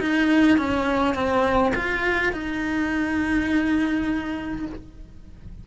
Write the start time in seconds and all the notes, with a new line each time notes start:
0.00 D#4
0.58 C#4
1.15 C4
1.75 F4
2.33 D#4